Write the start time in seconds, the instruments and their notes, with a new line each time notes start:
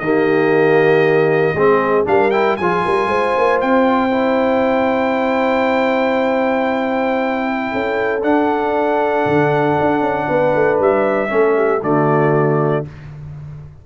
0.00 tuba D#3, trombone A#3, horn G4, trumpet D#5
1.54 tuba G#3, trombone C4, horn G#4
2.05 tuba G3, trombone D4, horn A#4, trumpet F5
2.31 trombone E4, trumpet G5
2.57 tuba F3, trombone F4, horn G#4, trumpet G#5
2.85 tuba G3, horn A#4
3.07 tuba G#3, horn C5
3.38 tuba A#3
3.62 tuba C4, trumpet G5
4.11 trombone E4
7.72 tuba C#4, horn A4
8.23 tuba D4, trombone D4, trumpet F#5
9.26 tuba D3
9.81 tuba D4
10.02 tuba C#4
10.28 tuba B3, horn B4
10.55 tuba A3
10.80 tuba G3, trumpet E5
11.29 tuba A3, trombone C#4, horn A4
11.57 horn G4
11.83 tuba D3, trombone A3, horn F#4, trumpet D5